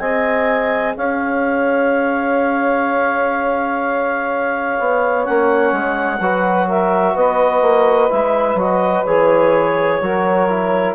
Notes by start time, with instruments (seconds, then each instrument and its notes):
0.00 bassoon C4, trombone G#4, saxophone D#5, clarinet G#5
0.96 bassoon C#4, saxophone C#5, clarinet F5
4.80 bassoon B3
5.23 bassoon A#3, trombone C#4, clarinet F#5
5.73 bassoon G#3
6.20 bassoon F#3, trombone F#4, saxophone B4
6.67 saxophone A#4, clarinet E5
7.14 bassoon B3, saxophone B4, clarinet D#5
7.62 bassoon A#3
8.11 bassoon G#3, trombone E4, clarinet E5
8.55 bassoon F#3, trombone F#4, clarinet D#5
9.05 bassoon E3, trombone G#4, clarinet C#5
10.02 bassoon F#3, trombone F#4, saxophone A#4
10.50 trombone E4